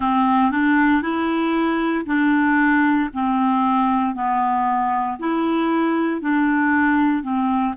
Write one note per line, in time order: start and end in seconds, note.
0.00 0.51 C4
0.51 1.02 D4
1.02 2.05 E4
2.05 3.09 D4
3.13 4.14 C4
4.14 5.18 B3
5.19 6.21 E4
6.21 7.22 D4
7.22 7.74 C4